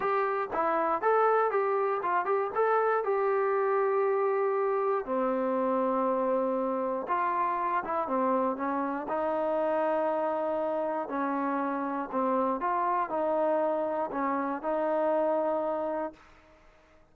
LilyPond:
\new Staff \with { instrumentName = "trombone" } { \time 4/4 \tempo 4 = 119 g'4 e'4 a'4 g'4 | f'8 g'8 a'4 g'2~ | g'2 c'2~ | c'2 f'4. e'8 |
c'4 cis'4 dis'2~ | dis'2 cis'2 | c'4 f'4 dis'2 | cis'4 dis'2. | }